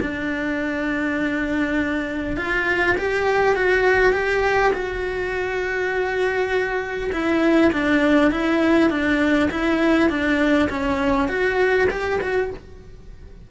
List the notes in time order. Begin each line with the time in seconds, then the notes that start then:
0.00 D4
2.37 F4
2.97 G4
3.55 F#4
4.13 G4
4.73 F#4
7.12 E4
7.72 D4
8.31 E4
8.89 D4
9.50 E4
10.09 D4
10.69 C#4
11.28 F#4
11.90 G4
12.20 F#4